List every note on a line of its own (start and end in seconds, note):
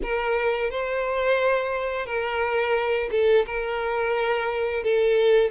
0.02 0.70 A#4
0.70 2.06 C5
2.06 3.09 A#4
3.11 3.45 A4
3.46 4.83 A#4
4.83 5.50 A4